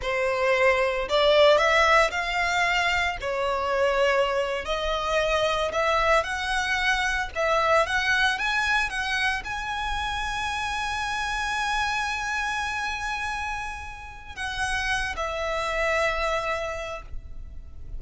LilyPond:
\new Staff \with { instrumentName = "violin" } { \time 4/4 \tempo 4 = 113 c''2 d''4 e''4 | f''2 cis''2~ | cis''8. dis''2 e''4 fis''16~ | fis''4.~ fis''16 e''4 fis''4 gis''16~ |
gis''8. fis''4 gis''2~ gis''16~ | gis''1~ | gis''2. fis''4~ | fis''8 e''2.~ e''8 | }